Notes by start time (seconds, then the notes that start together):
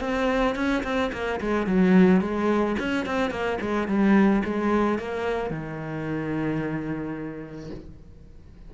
0.00 C4
0.55 C#4
0.83 C4
1.12 A#3
1.40 G#3
1.67 F#3
2.21 G#3
2.79 C#4
3.06 C4
3.30 A#3
3.61 G#3
3.87 G3
4.45 G#3
4.98 A#3
5.50 D#3